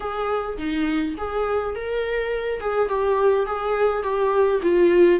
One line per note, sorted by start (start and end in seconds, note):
0.00 0.57 G#4
0.57 1.15 D#4
1.17 1.75 G#4
1.75 2.60 A#4
2.60 2.88 G#4
2.88 3.46 G4
3.46 4.03 G#4
4.03 4.60 G4
4.62 5.19 F4